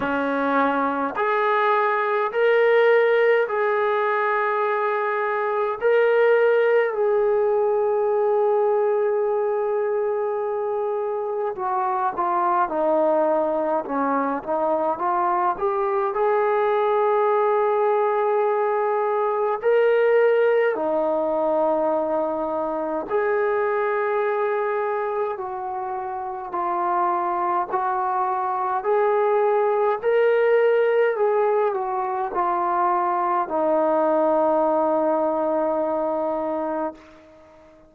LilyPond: \new Staff \with { instrumentName = "trombone" } { \time 4/4 \tempo 4 = 52 cis'4 gis'4 ais'4 gis'4~ | gis'4 ais'4 gis'2~ | gis'2 fis'8 f'8 dis'4 | cis'8 dis'8 f'8 g'8 gis'2~ |
gis'4 ais'4 dis'2 | gis'2 fis'4 f'4 | fis'4 gis'4 ais'4 gis'8 fis'8 | f'4 dis'2. | }